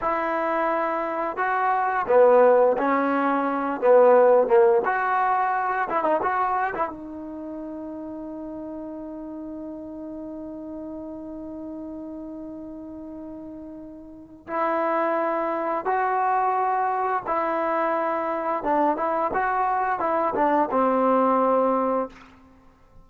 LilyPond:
\new Staff \with { instrumentName = "trombone" } { \time 4/4 \tempo 4 = 87 e'2 fis'4 b4 | cis'4. b4 ais8 fis'4~ | fis'8 e'16 dis'16 fis'8. e'16 dis'2~ | dis'1~ |
dis'1~ | dis'4 e'2 fis'4~ | fis'4 e'2 d'8 e'8 | fis'4 e'8 d'8 c'2 | }